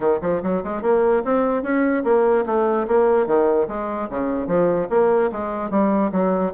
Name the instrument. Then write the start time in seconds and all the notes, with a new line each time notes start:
bassoon
0.00 D#3
0.21 F3
0.42 F#3
0.63 G#3
0.82 A#3
1.24 C4
1.62 C#4
2.04 A#3
2.46 A3
2.87 A#3
3.27 D#3
3.68 G#3
4.09 C#3
4.47 F3
4.89 A#3
5.32 G#3
5.70 G3
6.12 F#3